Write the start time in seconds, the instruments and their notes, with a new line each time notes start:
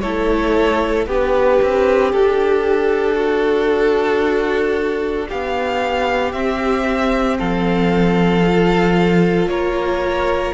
0.00 cello A3, viola E4, violin A4 C#5
1.06 cello B3, viola D4, violin G4 B4
1.62 cello C4
2.12 cello D4, violin A4
3.16 violin F#4
5.28 cello B3, violin G4 F5
6.32 cello C4, viola C4, violin E5
7.38 cello F3, violin A4 F5
8.44 viola F4
9.46 cello A#3, violin A#4 C#5